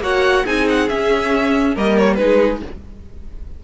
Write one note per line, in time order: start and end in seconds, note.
0.00 0.43 A#3
0.00 0.45 F#4
0.00 0.44 C#5
0.00 0.46 F#5
0.44 0.89 C4
0.44 0.89 D#4
0.44 1.74 G#4
0.44 0.68 G#5
0.68 0.88 F#5
0.88 1.76 C#4
0.88 1.75 E5
1.74 2.18 G3
1.74 2.17 A#3
1.74 2.17 A#4
1.74 1.98 D#5
1.98 2.15 C#5
2.15 2.62 G#3
2.15 2.61 D#4
2.15 2.64 G#4
2.15 2.58 B4